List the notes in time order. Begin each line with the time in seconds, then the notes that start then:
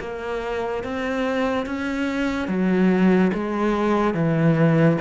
0.00 A#3
0.83 C4
1.66 C#4
2.48 F#3
3.33 G#3
4.14 E3